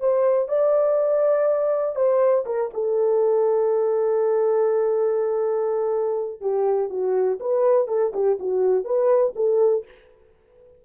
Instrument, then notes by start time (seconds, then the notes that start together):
horn
0.00 C5
0.48 D5
1.95 C5
2.45 A#4
2.73 A4
6.40 G4
6.89 F#4
7.40 B4
7.88 A4
8.13 G4
8.39 F#4
8.84 B4
9.36 A4